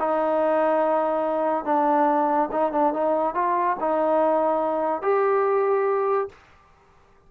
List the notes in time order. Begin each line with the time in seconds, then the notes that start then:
0.00 D#4
1.65 D4
2.52 D#4
2.72 D4
2.93 D#4
3.35 F4
3.80 D#4
5.02 G4